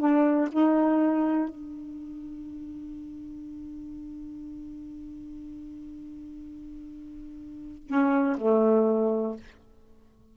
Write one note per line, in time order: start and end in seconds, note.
0.00 0.49 D4
0.52 1.49 D#4
1.49 7.88 D4
7.88 8.37 C#4
8.38 9.36 A3